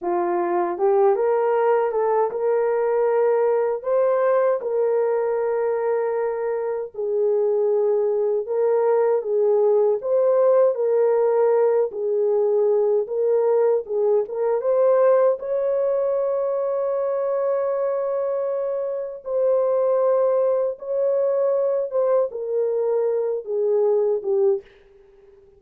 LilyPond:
\new Staff \with { instrumentName = "horn" } { \time 4/4 \tempo 4 = 78 f'4 g'8 ais'4 a'8 ais'4~ | ais'4 c''4 ais'2~ | ais'4 gis'2 ais'4 | gis'4 c''4 ais'4. gis'8~ |
gis'4 ais'4 gis'8 ais'8 c''4 | cis''1~ | cis''4 c''2 cis''4~ | cis''8 c''8 ais'4. gis'4 g'8 | }